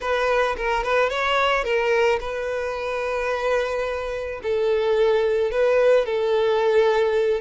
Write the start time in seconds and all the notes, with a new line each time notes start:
0.01 B4
0.57 A#4
0.83 B4
1.09 C#5
1.64 A#4
2.20 B4
4.42 A4
5.51 B4
6.05 A4